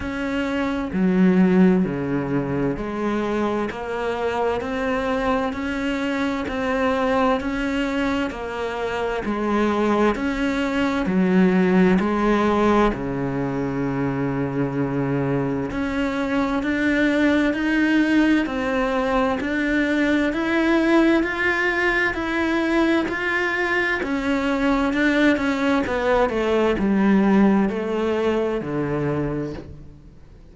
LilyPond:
\new Staff \with { instrumentName = "cello" } { \time 4/4 \tempo 4 = 65 cis'4 fis4 cis4 gis4 | ais4 c'4 cis'4 c'4 | cis'4 ais4 gis4 cis'4 | fis4 gis4 cis2~ |
cis4 cis'4 d'4 dis'4 | c'4 d'4 e'4 f'4 | e'4 f'4 cis'4 d'8 cis'8 | b8 a8 g4 a4 d4 | }